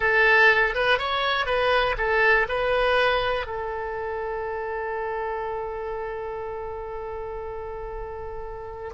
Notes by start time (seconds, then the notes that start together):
0.00 A4
0.75 B4
0.98 C#5
1.46 B4
1.97 A4
2.48 B4
3.46 A4